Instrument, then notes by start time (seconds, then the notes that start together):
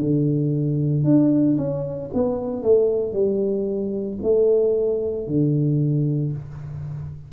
tuba
0.00 D3
1.04 D4
1.57 C#4
2.13 B3
2.62 A3
3.12 G3
4.22 A3
5.27 D3